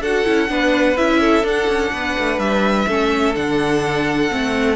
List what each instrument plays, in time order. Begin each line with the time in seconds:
0.00 cello D4, viola F#4, violin A4 F#5
0.26 cello C#4, viola E4
0.49 cello B3, viola D4, violin B4
0.97 cello C#4, viola E4, violin E5
1.20 violin A4
1.43 cello D4, viola D4, violin F#5
1.68 cello C#4
1.93 cello B3, violin B4
2.19 cello A3
2.39 cello G3, violin E5
2.88 cello A3, viola C#4, violin A4
3.35 cello D3, viola D4, violin F#5
4.31 cello A3, viola C4